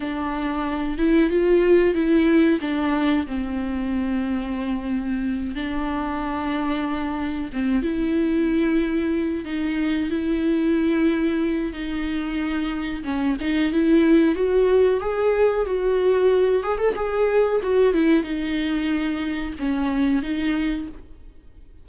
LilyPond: \new Staff \with { instrumentName = "viola" } { \time 4/4 \tempo 4 = 92 d'4. e'8 f'4 e'4 | d'4 c'2.~ | c'8 d'2. c'8 | e'2~ e'8 dis'4 e'8~ |
e'2 dis'2 | cis'8 dis'8 e'4 fis'4 gis'4 | fis'4. gis'16 a'16 gis'4 fis'8 e'8 | dis'2 cis'4 dis'4 | }